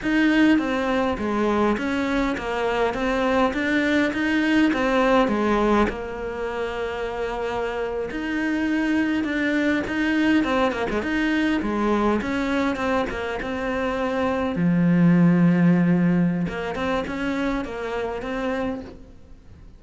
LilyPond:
\new Staff \with { instrumentName = "cello" } { \time 4/4 \tempo 4 = 102 dis'4 c'4 gis4 cis'4 | ais4 c'4 d'4 dis'4 | c'4 gis4 ais2~ | ais4.~ ais16 dis'2 d'16~ |
d'8. dis'4 c'8 ais16 gis16 dis'4 gis16~ | gis8. cis'4 c'8 ais8 c'4~ c'16~ | c'8. f2.~ f16 | ais8 c'8 cis'4 ais4 c'4 | }